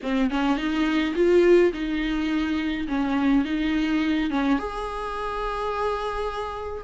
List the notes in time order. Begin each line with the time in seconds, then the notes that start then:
0.02 C4
0.30 C#4
0.57 D#4
1.15 F4
1.73 D#4
2.88 C#4
3.44 D#4
4.30 C#4
4.58 G#4